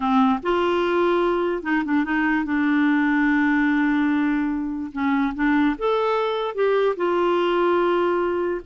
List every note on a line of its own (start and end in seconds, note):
0.00 0.39 C4
0.43 1.63 F4
1.63 1.83 D#4
1.84 2.04 D4
2.04 2.45 D#4
2.45 4.91 D4
4.92 5.33 C#4
5.34 5.76 D4
5.78 6.54 A4
6.54 6.95 G4
6.96 8.61 F4